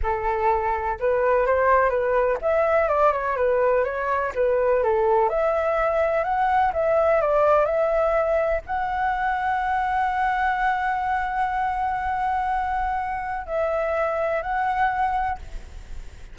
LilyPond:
\new Staff \with { instrumentName = "flute" } { \time 4/4 \tempo 4 = 125 a'2 b'4 c''4 | b'4 e''4 d''8 cis''8 b'4 | cis''4 b'4 a'4 e''4~ | e''4 fis''4 e''4 d''4 |
e''2 fis''2~ | fis''1~ | fis''1 | e''2 fis''2 | }